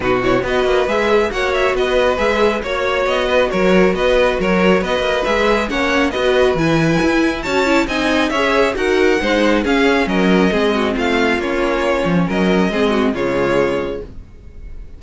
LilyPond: <<
  \new Staff \with { instrumentName = "violin" } { \time 4/4 \tempo 4 = 137 b'8 cis''8 dis''4 e''4 fis''8 e''8 | dis''4 e''4 cis''4 dis''4 | cis''4 dis''4 cis''4 dis''4 | e''4 fis''4 dis''4 gis''4~ |
gis''4 a''4 gis''4 e''4 | fis''2 f''4 dis''4~ | dis''4 f''4 cis''2 | dis''2 cis''2 | }
  \new Staff \with { instrumentName = "violin" } { \time 4/4 fis'4 b'2 cis''4 | b'2 cis''4. b'8 | ais'4 b'4 ais'4 b'4~ | b'4 cis''4 b'2~ |
b'4 cis''4 dis''4 cis''4 | ais'4 c''4 gis'4 ais'4 | gis'8 fis'8 f'2. | ais'4 gis'8 fis'8 f'2 | }
  \new Staff \with { instrumentName = "viola" } { \time 4/4 dis'8 e'8 fis'4 gis'4 fis'4~ | fis'4 gis'4 fis'2~ | fis'1 | gis'4 cis'4 fis'4 e'4~ |
e'4 fis'8 e'8 dis'4 gis'4 | fis'4 dis'4 cis'2 | c'2 cis'2~ | cis'4 c'4 gis2 | }
  \new Staff \with { instrumentName = "cello" } { \time 4/4 b,4 b8 ais8 gis4 ais4 | b4 gis4 ais4 b4 | fis4 b4 fis4 b8 ais8 | gis4 ais4 b4 e4 |
e'4 cis'4 c'4 cis'4 | dis'4 gis4 cis'4 fis4 | gis4 a4 ais4. f8 | fis4 gis4 cis2 | }
>>